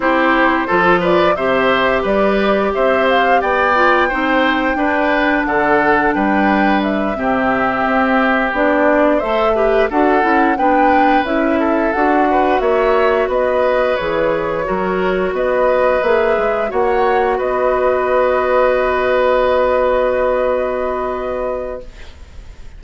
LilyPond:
<<
  \new Staff \with { instrumentName = "flute" } { \time 4/4 \tempo 4 = 88 c''4. d''8 e''4 d''4 | e''8 f''8 g''2. | fis''4 g''4 e''2~ | e''8 d''4 e''4 fis''4 g''8~ |
g''8 e''4 fis''4 e''4 dis''8~ | dis''8 cis''2 dis''4 e''8~ | e''8 fis''4 dis''2~ dis''8~ | dis''1 | }
  \new Staff \with { instrumentName = "oboe" } { \time 4/4 g'4 a'8 b'8 c''4 b'4 | c''4 d''4 c''4 b'4 | a'4 b'4. g'4.~ | g'4. c''8 b'8 a'4 b'8~ |
b'4 a'4 b'8 cis''4 b'8~ | b'4. ais'4 b'4.~ | b'8 cis''4 b'2~ b'8~ | b'1 | }
  \new Staff \with { instrumentName = "clarinet" } { \time 4/4 e'4 f'4 g'2~ | g'4. f'8 dis'4 d'4~ | d'2~ d'8 c'4.~ | c'8 d'4 a'8 g'8 fis'8 e'8 d'8~ |
d'8 e'4 fis'2~ fis'8~ | fis'8 gis'4 fis'2 gis'8~ | gis'8 fis'2.~ fis'8~ | fis'1 | }
  \new Staff \with { instrumentName = "bassoon" } { \time 4/4 c'4 f4 c4 g4 | c'4 b4 c'4 d'4 | d4 g4. c4 c'8~ | c'8 b4 a4 d'8 cis'8 b8~ |
b8 cis'4 d'4 ais4 b8~ | b8 e4 fis4 b4 ais8 | gis8 ais4 b2~ b8~ | b1 | }
>>